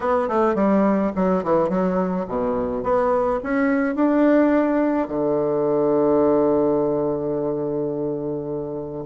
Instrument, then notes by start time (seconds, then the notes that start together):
bassoon
0.00 B3
0.28 A3
0.55 G3
1.15 F#3
1.43 E3
1.69 F#3
2.28 B2
2.83 B3
3.43 C#4
3.95 D4
5.08 D3